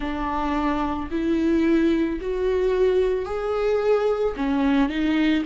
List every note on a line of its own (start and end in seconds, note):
0.00 1.09 D4
1.10 2.19 E4
2.21 3.25 F#4
3.25 4.34 G#4
4.36 4.88 C#4
4.88 5.43 D#4